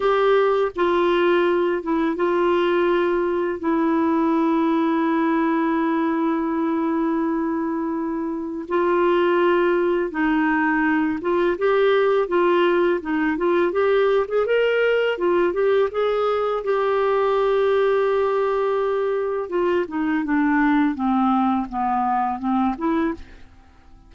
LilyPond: \new Staff \with { instrumentName = "clarinet" } { \time 4/4 \tempo 4 = 83 g'4 f'4. e'8 f'4~ | f'4 e'2.~ | e'1 | f'2 dis'4. f'8 |
g'4 f'4 dis'8 f'8 g'8. gis'16 | ais'4 f'8 g'8 gis'4 g'4~ | g'2. f'8 dis'8 | d'4 c'4 b4 c'8 e'8 | }